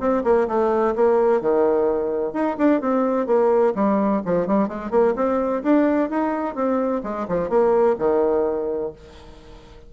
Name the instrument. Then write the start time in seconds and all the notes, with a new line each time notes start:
bassoon
0.00 C4
0.24 A#3
0.48 A3
0.96 A#3
1.41 D#3
2.34 D#4
2.58 D4
2.81 C4
3.27 A#3
3.75 G3
4.26 F3
4.47 G3
4.69 G#3
4.91 A#3
5.16 C4
5.64 D4
6.10 D#4
6.55 C4
7.04 G#3
7.29 F3
7.50 A#3
7.99 D#3